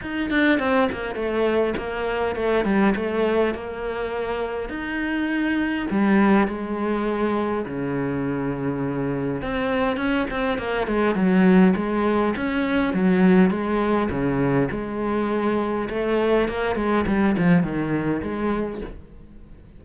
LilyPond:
\new Staff \with { instrumentName = "cello" } { \time 4/4 \tempo 4 = 102 dis'8 d'8 c'8 ais8 a4 ais4 | a8 g8 a4 ais2 | dis'2 g4 gis4~ | gis4 cis2. |
c'4 cis'8 c'8 ais8 gis8 fis4 | gis4 cis'4 fis4 gis4 | cis4 gis2 a4 | ais8 gis8 g8 f8 dis4 gis4 | }